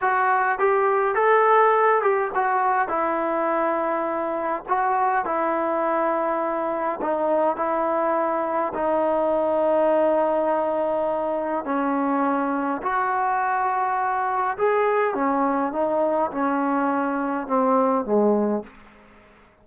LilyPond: \new Staff \with { instrumentName = "trombone" } { \time 4/4 \tempo 4 = 103 fis'4 g'4 a'4. g'8 | fis'4 e'2. | fis'4 e'2. | dis'4 e'2 dis'4~ |
dis'1 | cis'2 fis'2~ | fis'4 gis'4 cis'4 dis'4 | cis'2 c'4 gis4 | }